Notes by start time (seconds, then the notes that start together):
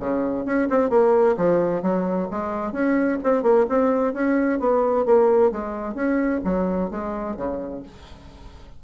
0.00 C#3
0.45 C#4
0.70 C4
0.90 A#3
1.37 F3
1.82 F#3
2.31 G#3
2.72 C#4
3.24 C4
3.43 A#3
3.69 C4
4.13 C#4
4.59 B3
5.06 A#3
5.52 G#3
5.95 C#4
6.44 F#3
6.91 G#3
7.37 C#3